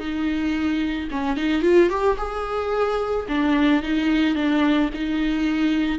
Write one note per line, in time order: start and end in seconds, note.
0.00 1.09 D#4
1.12 1.37 C#4
1.37 1.63 D#4
1.63 1.90 F4
1.90 2.17 G4
2.18 3.27 G#4
3.29 3.83 D4
3.83 4.36 D#4
4.36 4.90 D4
4.94 5.99 D#4